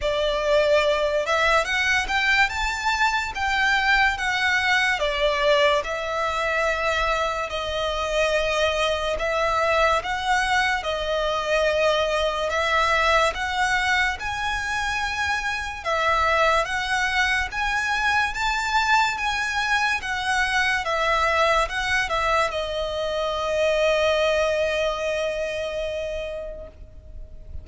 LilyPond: \new Staff \with { instrumentName = "violin" } { \time 4/4 \tempo 4 = 72 d''4. e''8 fis''8 g''8 a''4 | g''4 fis''4 d''4 e''4~ | e''4 dis''2 e''4 | fis''4 dis''2 e''4 |
fis''4 gis''2 e''4 | fis''4 gis''4 a''4 gis''4 | fis''4 e''4 fis''8 e''8 dis''4~ | dis''1 | }